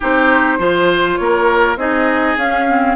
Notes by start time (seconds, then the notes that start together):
0.00 C4 D#4 G4 C5
0.58 F3 F4 C5
1.16 A#3 A#4 C#5
1.76 C4 D#4 G#4 D#5
2.37 C#4 F5
2.68 C4